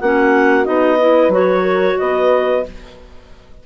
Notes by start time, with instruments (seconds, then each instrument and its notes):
0.00 bassoon A#3, clarinet C#4 F#5, horn F#4
0.64 bassoon B3, clarinet D#4 D#5
0.98 clarinet E4, horn B4
1.28 bassoon F#3, clarinet F#4
1.34 clarinet C#5
1.63 horn A#4
1.99 bassoon B3, horn B4, clarinet D#5